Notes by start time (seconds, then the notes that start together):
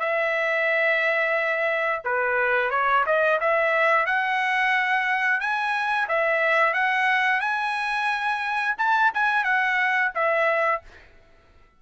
0.00 E5
2.05 B4
2.71 C#5
3.06 D#5
3.41 E5
4.07 F#5
5.41 G#5
6.09 E5
6.74 F#5
7.41 G#5
8.79 A5
9.15 G#5
9.45 F#5
10.15 E5